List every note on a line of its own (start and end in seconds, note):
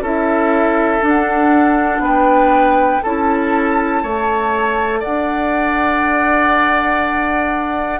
0.00 1.00 C#4
0.00 1.01 E4
0.00 2.02 A4
0.00 1.04 E5
1.01 3.01 D4
1.01 1.99 D4
1.01 2.04 F#5
1.99 2.99 B3
1.99 3.02 B4
1.99 3.02 G5
3.02 4.03 C#4
3.02 4.05 E4
3.02 4.02 A4
3.02 5.02 A5
4.03 5.03 A3
4.03 8.00 A4
4.03 4.99 C#5
4.99 7.99 D5
4.99 8.00 F#5
5.06 8.00 D4